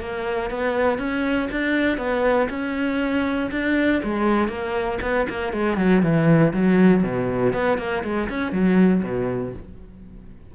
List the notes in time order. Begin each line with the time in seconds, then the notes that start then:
0.00 A#3
0.50 B3
0.99 C#4
1.51 D4
1.98 B3
2.50 C#4
3.51 D4
4.04 G#3
4.48 A#3
5.01 B3
5.29 A#3
5.53 G#3
5.77 F#3
6.03 E3
6.53 F#3
7.03 B2
7.53 B3
7.78 A#3
8.04 G#3
8.29 C#4
8.52 F#3
9.03 B2